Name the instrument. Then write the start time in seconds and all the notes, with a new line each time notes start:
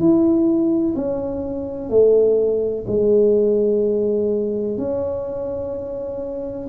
tuba
0.00 E4
0.96 C#4
1.90 A3
2.87 G#3
4.78 C#4